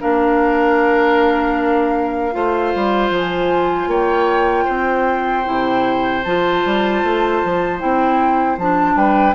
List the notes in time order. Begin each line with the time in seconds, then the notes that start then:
0.00 A#3 D4 A#4 F5
2.32 A3 F4 C5
2.75 G3
3.10 F3 G#5
3.87 A#3 C#5 G5
4.65 C4 C5
5.44 C3 E4
6.24 F3 F4 A5
6.65 G3
7.03 A3
7.44 F3
7.79 C4 E4 G5
8.58 F3 D4 A5
8.96 G3 B4 G5